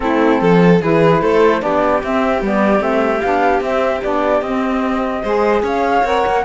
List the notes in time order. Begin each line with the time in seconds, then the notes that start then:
0.00 A3 C4 E4 A4
0.41 F3 A4
0.82 E3 E4 G#4 B4
1.22 A3 A4 C5
1.60 B3 D4 G4 D5
2.03 C4 E5
2.41 G3 B3 D5
2.80 A3 C4 E5
3.21 B3 D4 F5
3.60 C4 E5
4.02 B3 D4 D5
4.41 C4 D#5
5.22 G#3 G#4 C5
5.62 C#4 C#5 F5
6.03 C4 A#4 F#5
6.26 A#3